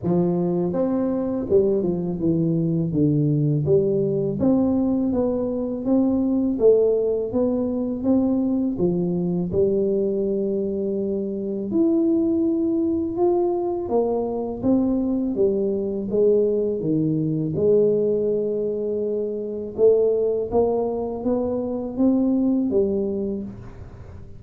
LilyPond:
\new Staff \with { instrumentName = "tuba" } { \time 4/4 \tempo 4 = 82 f4 c'4 g8 f8 e4 | d4 g4 c'4 b4 | c'4 a4 b4 c'4 | f4 g2. |
e'2 f'4 ais4 | c'4 g4 gis4 dis4 | gis2. a4 | ais4 b4 c'4 g4 | }